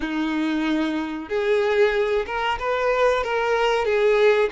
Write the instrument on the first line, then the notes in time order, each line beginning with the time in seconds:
violin
0.00 D#4
1.28 G#4
2.26 A#4
2.59 B4
3.23 A#4
3.85 G#4